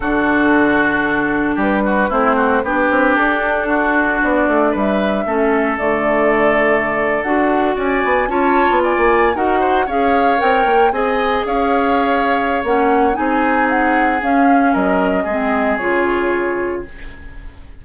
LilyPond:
<<
  \new Staff \with { instrumentName = "flute" } { \time 4/4 \tempo 4 = 114 a'2. b'4 | c''4 b'4 a'2 | d''4 e''2 d''4~ | d''4.~ d''16 fis''4 gis''4 a''16~ |
a''8. gis''4 fis''4 f''4 g''16~ | g''8. gis''4 f''2~ f''16 | fis''4 gis''4 fis''4 f''4 | dis''2 cis''2 | }
  \new Staff \with { instrumentName = "oboe" } { \time 4/4 fis'2. g'8 fis'8 | e'8 fis'8 g'2 fis'4~ | fis'4 b'4 a'2~ | a'2~ a'8. d''4 cis''16~ |
cis''8. d''4 ais'8 c''8 cis''4~ cis''16~ | cis''8. dis''4 cis''2~ cis''16~ | cis''4 gis'2. | ais'4 gis'2. | }
  \new Staff \with { instrumentName = "clarinet" } { \time 4/4 d'1 | c'4 d'2.~ | d'2 cis'4 a4~ | a4.~ a16 fis'2 f'16~ |
f'4.~ f'16 fis'4 gis'4 ais'16~ | ais'8. gis'2.~ gis'16 | cis'4 dis'2 cis'4~ | cis'4 c'4 f'2 | }
  \new Staff \with { instrumentName = "bassoon" } { \time 4/4 d2. g4 | a4 b8 c'8 d'2 | b8 a8 g4 a4 d4~ | d4.~ d16 d'4 cis'8 b8 cis'16~ |
cis'8 b8 ais8. dis'4 cis'4 c'16~ | c'16 ais8 c'4 cis'2~ cis'16 | ais4 c'2 cis'4 | fis4 gis4 cis2 | }
>>